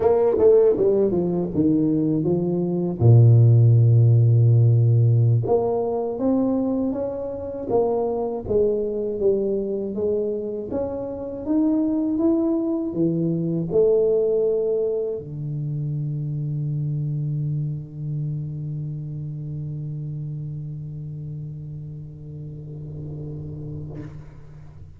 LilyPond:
\new Staff \with { instrumentName = "tuba" } { \time 4/4 \tempo 4 = 80 ais8 a8 g8 f8 dis4 f4 | ais,2.~ ais,16 ais8.~ | ais16 c'4 cis'4 ais4 gis8.~ | gis16 g4 gis4 cis'4 dis'8.~ |
dis'16 e'4 e4 a4.~ a16~ | a16 d2.~ d8.~ | d1~ | d1 | }